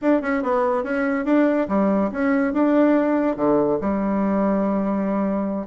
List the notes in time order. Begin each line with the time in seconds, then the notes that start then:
0.01 D4
0.21 C#4
0.42 B3
0.83 C#4
1.25 D4
1.68 G3
2.11 C#4
2.53 D4
3.36 D3
3.80 G3